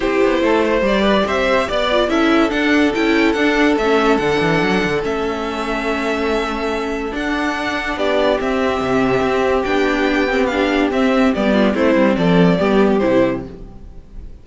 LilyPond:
<<
  \new Staff \with { instrumentName = "violin" } { \time 4/4 \tempo 4 = 143 c''2 d''4 e''4 | d''4 e''4 fis''4 g''4 | fis''4 e''4 fis''2 | e''1~ |
e''4 fis''2 d''4 | e''2. g''4~ | g''4 f''4 e''4 d''4 | c''4 d''2 c''4 | }
  \new Staff \with { instrumentName = "violin" } { \time 4/4 g'4 a'8 c''4 b'8 c''4 | d''4 a'2.~ | a'1~ | a'1~ |
a'2. g'4~ | g'1~ | g'2.~ g'8 f'8 | e'4 a'4 g'2 | }
  \new Staff \with { instrumentName = "viola" } { \time 4/4 e'2 g'2~ | g'8 f'8 e'4 d'4 e'4 | d'4 cis'4 d'2 | cis'1~ |
cis'4 d'2. | c'2. d'4~ | d'8 c'8 d'4 c'4 b4 | c'2 b4 e'4 | }
  \new Staff \with { instrumentName = "cello" } { \time 4/4 c'8 b8 a4 g4 c'4 | b4 cis'4 d'4 cis'4 | d'4 a4 d8 e8 fis8 d8 | a1~ |
a4 d'2 b4 | c'4 c4 c'4 b4~ | b2 c'4 g4 | a8 g8 f4 g4 c4 | }
>>